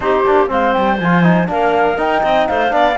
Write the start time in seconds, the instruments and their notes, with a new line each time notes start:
0.00 cello C4, trombone D#4, clarinet G4, flute C5
0.25 cello A#3, trombone D4
0.47 cello G#3, trombone C4, clarinet C5, flute F5
0.73 cello G3, flute G5
0.99 cello F3, trombone F4, flute G#5
1.23 trombone D#4
1.46 cello A#3, trombone D4, clarinet A#4, flute F5
1.96 trombone D#4, cello D#4, flute G5
2.22 cello C4, clarinet D#5
2.47 cello A3, clarinet C5, flute F5
2.69 cello B3, trombone D4, clarinet D5